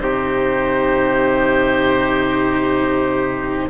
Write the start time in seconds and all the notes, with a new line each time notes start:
0.00 C3 D#4 G4 C5